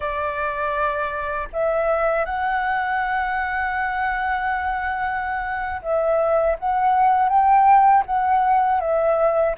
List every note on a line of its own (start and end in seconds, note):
0.00 1.48 D5
1.52 2.25 E5
2.25 5.81 F#5
5.81 6.56 E5
6.58 7.28 F#5
7.28 8.03 G5
8.06 8.80 F#5
8.80 9.55 E5